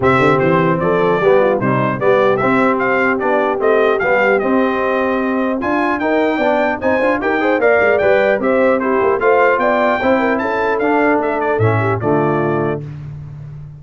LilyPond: <<
  \new Staff \with { instrumentName = "trumpet" } { \time 4/4 \tempo 4 = 150 e''4 c''4 d''2 | c''4 d''4 e''4 f''4 | d''4 dis''4 f''4 dis''4~ | dis''2 gis''4 g''4~ |
g''4 gis''4 g''4 f''4 | g''4 e''4 c''4 f''4 | g''2 a''4 f''4 | e''8 d''8 e''4 d''2 | }
  \new Staff \with { instrumentName = "horn" } { \time 4/4 g'2 a'4 g'8 f'8 | dis'4 g'2.~ | g'1~ | g'2 f'4 ais'4 |
d''4 c''4 ais'8 c''8 d''4~ | d''4 c''4 g'4 c''4 | d''4 c''8 ais'8 a'2~ | a'4. g'8 f'2 | }
  \new Staff \with { instrumentName = "trombone" } { \time 4/4 c'2. b4 | g4 b4 c'2 | d'4 c'4 b4 c'4~ | c'2 f'4 dis'4 |
d'4 dis'8 f'8 g'8 gis'8 ais'4 | b'4 g'4 e'4 f'4~ | f'4 e'2 d'4~ | d'4 cis'4 a2 | }
  \new Staff \with { instrumentName = "tuba" } { \time 4/4 c8 d8 e4 f4 g4 | c4 g4 c'2 | b4 a4 g4 c'4~ | c'2 d'4 dis'4 |
b4 c'8 d'8 dis'4 ais8 gis8 | g4 c'4. ais8 a4 | b4 c'4 cis'4 d'4 | a4 a,4 d2 | }
>>